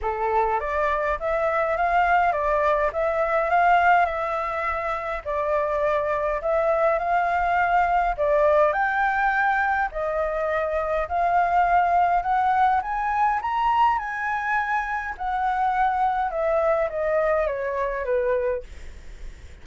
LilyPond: \new Staff \with { instrumentName = "flute" } { \time 4/4 \tempo 4 = 103 a'4 d''4 e''4 f''4 | d''4 e''4 f''4 e''4~ | e''4 d''2 e''4 | f''2 d''4 g''4~ |
g''4 dis''2 f''4~ | f''4 fis''4 gis''4 ais''4 | gis''2 fis''2 | e''4 dis''4 cis''4 b'4 | }